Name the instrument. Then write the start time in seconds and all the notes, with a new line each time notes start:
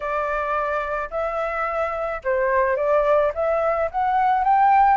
flute
0.00 D5
1.10 E5
2.24 C5
2.76 D5
3.34 E5
3.91 F#5
4.43 G5